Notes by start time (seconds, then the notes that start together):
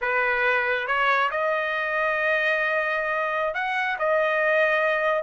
0.01 B4
0.87 C#5
1.31 D#5
3.54 F#5
3.99 D#5